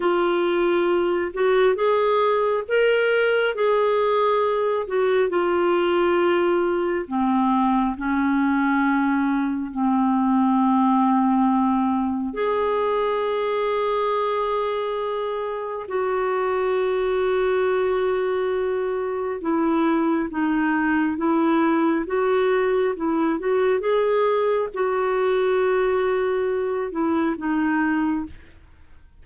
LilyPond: \new Staff \with { instrumentName = "clarinet" } { \time 4/4 \tempo 4 = 68 f'4. fis'8 gis'4 ais'4 | gis'4. fis'8 f'2 | c'4 cis'2 c'4~ | c'2 gis'2~ |
gis'2 fis'2~ | fis'2 e'4 dis'4 | e'4 fis'4 e'8 fis'8 gis'4 | fis'2~ fis'8 e'8 dis'4 | }